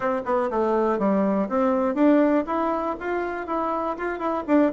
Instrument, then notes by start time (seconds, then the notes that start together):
bassoon
0.00 C4
0.25 B3
0.50 A3
0.98 G3
1.49 C4
1.94 D4
2.46 E4
3.00 F4
3.46 E4
3.97 F4
4.19 E4
4.47 D4